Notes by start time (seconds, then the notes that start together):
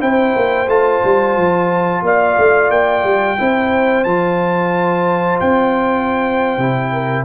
0.00 C4 E4 C5 G5
0.36 A#3
0.68 A3 F4 A5
1.04 G3
1.37 F3
2.03 A#3 D5 F5
2.38 A3
2.70 A#3 G5
3.04 G3
3.38 C4 E4 C5
4.04 F3 F4 A5
5.40 C4 G5
6.58 C3 E4
6.92 A#4